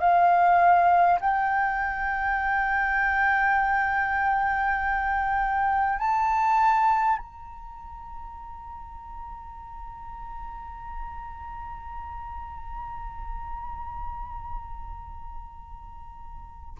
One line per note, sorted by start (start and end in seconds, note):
0.00 1.20 F5
1.21 5.99 G5
5.99 7.18 A5
7.18 16.78 A#5